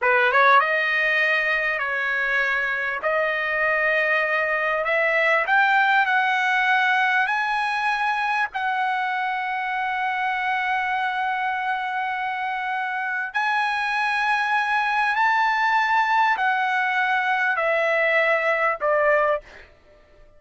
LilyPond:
\new Staff \with { instrumentName = "trumpet" } { \time 4/4 \tempo 4 = 99 b'8 cis''8 dis''2 cis''4~ | cis''4 dis''2. | e''4 g''4 fis''2 | gis''2 fis''2~ |
fis''1~ | fis''2 gis''2~ | gis''4 a''2 fis''4~ | fis''4 e''2 d''4 | }